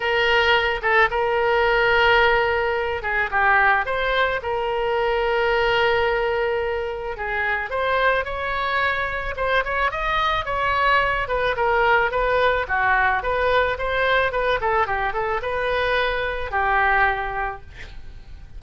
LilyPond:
\new Staff \with { instrumentName = "oboe" } { \time 4/4 \tempo 4 = 109 ais'4. a'8 ais'2~ | ais'4. gis'8 g'4 c''4 | ais'1~ | ais'4 gis'4 c''4 cis''4~ |
cis''4 c''8 cis''8 dis''4 cis''4~ | cis''8 b'8 ais'4 b'4 fis'4 | b'4 c''4 b'8 a'8 g'8 a'8 | b'2 g'2 | }